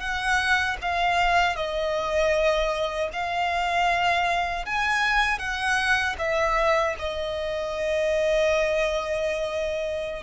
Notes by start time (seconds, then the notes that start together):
0.00 F#5
0.82 F5
1.56 D#5
3.13 F5
4.66 G#5
5.39 F#5
6.19 E5
6.99 D#5